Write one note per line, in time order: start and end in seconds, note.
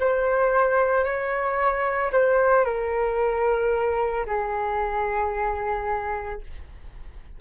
0.00 1.04 C5
1.04 2.11 C#5
2.12 2.65 C5
2.65 4.26 A#4
4.26 6.40 G#4